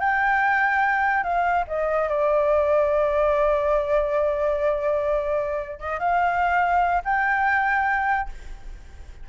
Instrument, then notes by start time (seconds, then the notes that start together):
flute
0.00 G5
1.23 F5
1.67 D#5
2.09 D5
5.79 D#5
5.99 F5
7.05 G5